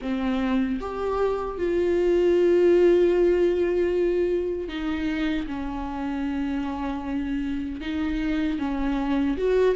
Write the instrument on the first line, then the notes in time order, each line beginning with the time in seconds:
viola
0.01 C4
0.80 G4
1.58 F4
4.68 D#4
5.47 C#4
7.80 D#4
8.59 C#4
9.37 F#4